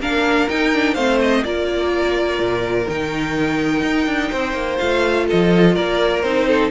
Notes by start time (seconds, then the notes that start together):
0.00 A#3 D4 A#4 F5
0.49 D#4 G5
0.74 D4
0.95 A3 C4 C5 F5
1.22 D#5
1.45 A#3 F4 A#4 D5
2.39 A#2
2.89 D#3 D#4 G5
3.83 D#4
4.07 D4
4.31 C4 C5
4.54 A#3
4.79 A3 F4 F5
5.27 F3 A4 D#5
5.75 A#3 A#4 D5
6.22 C4 D#4 C5
6.48 A4